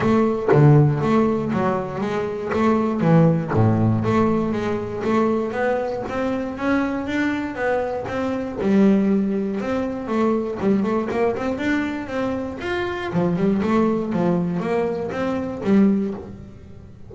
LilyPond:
\new Staff \with { instrumentName = "double bass" } { \time 4/4 \tempo 4 = 119 a4 d4 a4 fis4 | gis4 a4 e4 a,4 | a4 gis4 a4 b4 | c'4 cis'4 d'4 b4 |
c'4 g2 c'4 | a4 g8 a8 ais8 c'8 d'4 | c'4 f'4 f8 g8 a4 | f4 ais4 c'4 g4 | }